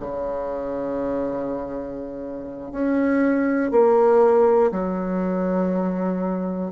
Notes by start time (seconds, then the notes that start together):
0.00 C#3
2.71 C#4
3.71 A#3
4.71 F#3